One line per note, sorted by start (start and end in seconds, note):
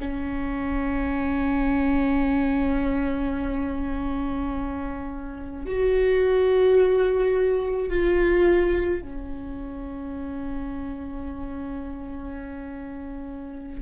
0.00 5.66 C#4
5.66 7.89 F#4
7.89 9.02 F4
9.02 13.82 C#4